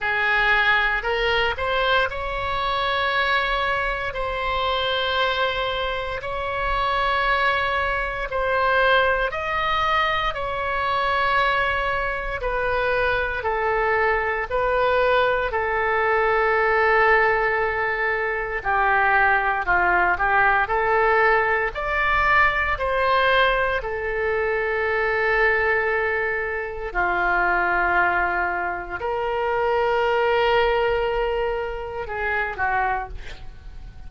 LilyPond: \new Staff \with { instrumentName = "oboe" } { \time 4/4 \tempo 4 = 58 gis'4 ais'8 c''8 cis''2 | c''2 cis''2 | c''4 dis''4 cis''2 | b'4 a'4 b'4 a'4~ |
a'2 g'4 f'8 g'8 | a'4 d''4 c''4 a'4~ | a'2 f'2 | ais'2. gis'8 fis'8 | }